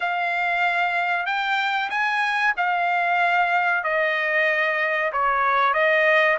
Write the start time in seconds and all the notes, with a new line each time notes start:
0.00 F5
1.26 G5
1.90 G#5
2.56 F5
3.83 D#5
5.12 C#5
5.73 D#5